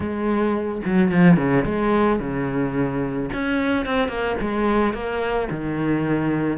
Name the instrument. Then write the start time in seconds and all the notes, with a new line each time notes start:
cello
0.00 G#3
0.85 F#3
1.11 F3
1.36 C#3
1.64 G#3
2.19 C#3
3.33 C#4
3.85 C4
4.08 A#3
4.40 G#3
4.93 A#3
5.50 D#3